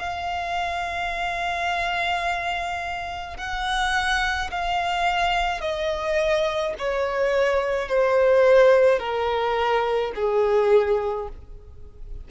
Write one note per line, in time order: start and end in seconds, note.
0.00 3.38 F5
3.38 4.51 F#5
4.51 5.61 F5
5.61 6.74 D#5
6.79 7.89 C#5
7.89 8.99 C5
8.99 10.13 A#4
10.16 11.29 G#4